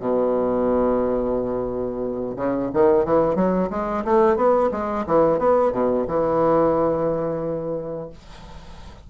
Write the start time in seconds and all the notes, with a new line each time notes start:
0.00 B2
2.37 C#3
2.74 D#3
3.05 E3
3.36 F#3
3.70 G#3
4.05 A3
4.36 B3
4.72 G#3
5.07 E3
5.39 B3
5.72 B2
6.08 E3